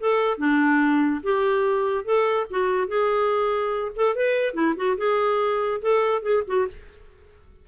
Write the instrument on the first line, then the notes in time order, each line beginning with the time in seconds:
clarinet
0.00 A4
0.38 D4
1.23 G4
2.05 A4
2.51 F#4
2.88 G#4
3.96 A4
4.16 B4
4.54 E4
4.77 F#4
4.98 G#4
5.82 A4
6.23 G#4
6.47 F#4